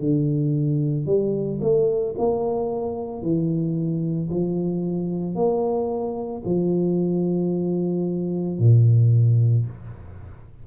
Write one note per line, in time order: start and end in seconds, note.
0.00 1.06 D3
1.06 1.60 G3
1.62 2.15 A3
2.18 3.22 A#3
3.22 4.30 E3
4.31 5.36 F3
5.36 6.43 A#3
6.45 8.59 F3
8.59 9.66 A#2